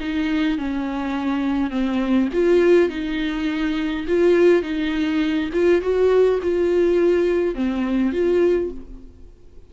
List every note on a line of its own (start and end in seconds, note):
0.00 0.58 D#4
0.58 1.71 C#4
1.71 2.29 C4
2.33 2.89 F4
2.89 4.06 D#4
4.08 4.62 F4
4.62 5.50 D#4
5.53 5.81 F4
5.81 6.40 F#4
6.42 7.55 F4
7.55 8.12 C4
8.12 8.71 F4